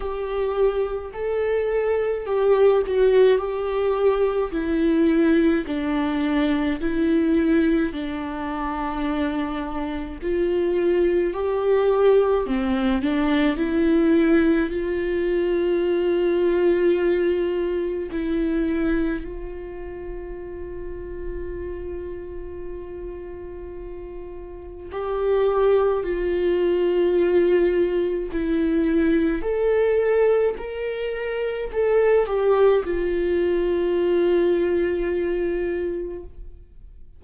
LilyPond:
\new Staff \with { instrumentName = "viola" } { \time 4/4 \tempo 4 = 53 g'4 a'4 g'8 fis'8 g'4 | e'4 d'4 e'4 d'4~ | d'4 f'4 g'4 c'8 d'8 | e'4 f'2. |
e'4 f'2.~ | f'2 g'4 f'4~ | f'4 e'4 a'4 ais'4 | a'8 g'8 f'2. | }